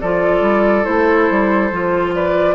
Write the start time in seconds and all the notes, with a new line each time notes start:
0.00 F3 F4 A4 D5
0.41 G3
0.84 A3 E4 C5
1.30 G3
1.71 F3 F4
2.14 B4 D5